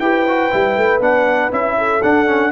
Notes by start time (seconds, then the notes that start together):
0.00 E4 G4 B4 G5
0.28 F#4
0.51 G3 E4
0.77 A3
1.00 B3 D4 F#5
1.51 C#4 E4 E5
1.78 A4
2.03 D4 F#5
2.26 C#4